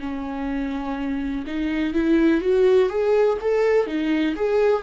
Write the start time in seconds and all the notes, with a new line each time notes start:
0.00 C#4
1.47 D#4
1.94 E4
2.41 F#4
2.89 G#4
3.41 A4
3.87 D#4
4.36 G#4